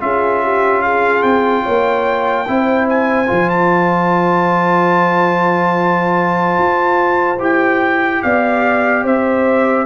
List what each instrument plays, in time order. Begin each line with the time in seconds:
0.00 tuba C#4, trombone F4, horn G#4, trumpet E5
0.43 horn G4
0.82 horn G#4, trumpet F5
1.23 tuba C4, trumpet G5
1.63 tuba A#3, horn C#5
2.48 tuba C4, trombone E4, horn C5
2.89 trumpet G#5
3.27 tuba F3, trombone F4
3.50 trumpet A5
6.59 tuba F4
7.40 tuba E4, trombone G4, trumpet G5
8.23 tuba B3, horn D5, trumpet F5
9.04 tuba C4, horn C5, trumpet E5